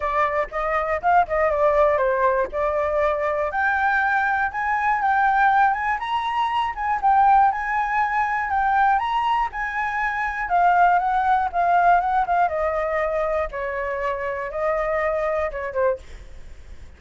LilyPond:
\new Staff \with { instrumentName = "flute" } { \time 4/4 \tempo 4 = 120 d''4 dis''4 f''8 dis''8 d''4 | c''4 d''2 g''4~ | g''4 gis''4 g''4. gis''8 | ais''4. gis''8 g''4 gis''4~ |
gis''4 g''4 ais''4 gis''4~ | gis''4 f''4 fis''4 f''4 | fis''8 f''8 dis''2 cis''4~ | cis''4 dis''2 cis''8 c''8 | }